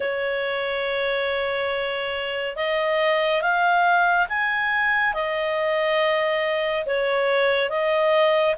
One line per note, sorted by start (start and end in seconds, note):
0.00 2.56 C#5
2.56 3.41 D#5
3.41 4.27 F5
4.29 5.13 G#5
5.13 6.85 D#5
6.86 7.69 C#5
7.69 8.55 D#5